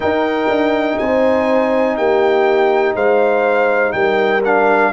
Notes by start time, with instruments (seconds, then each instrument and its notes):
0.00 trombone D#4, tuba D#4, horn A#4, trumpet G5
0.48 tuba D4
0.98 tuba C4, horn C5, trumpet G#5
1.96 tuba A#3, horn G4, trumpet G5
2.94 tuba G#3, horn C5, trumpet F5
3.92 tuba G3, horn A#4, trumpet G5
4.44 trombone D4, trumpet F5